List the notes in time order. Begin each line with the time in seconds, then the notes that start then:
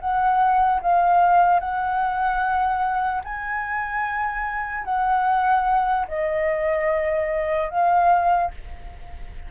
0.00 F#5
0.82 F5
1.60 F#5
3.24 G#5
4.85 F#5
6.08 D#5
7.70 F5